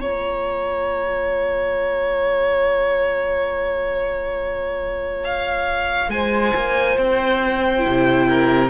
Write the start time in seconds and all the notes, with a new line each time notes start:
0.00 A#3 F4 C#5 A#5
5.24 F5
6.08 G#3 C5 G#5
6.55 A#3
6.97 C4 G5
7.79 C3 E4
8.27 A#4